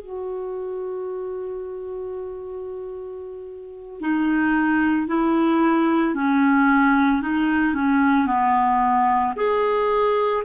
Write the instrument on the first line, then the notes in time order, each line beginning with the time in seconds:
clarinet
0.00 F#4
4.01 D#4
5.08 E4
6.15 C#4
7.22 D#4
7.74 C#4
8.27 B3
9.37 G#4